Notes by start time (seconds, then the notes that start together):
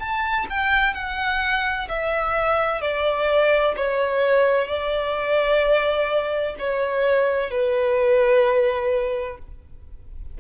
0.00 A5
0.50 G5
0.95 F#5
1.89 E5
2.82 D5
3.77 C#5
4.68 D5
6.59 C#5
7.51 B4